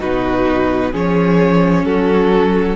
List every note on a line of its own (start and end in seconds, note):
0.00 0.94 B2
0.00 0.92 D#4
0.00 0.92 F#4
0.00 0.93 B4
0.92 1.84 F3
0.92 2.76 C#4
0.92 1.85 G#4
0.92 1.85 C#5
1.84 2.76 F#3
1.84 2.76 F#4
1.84 2.76 A4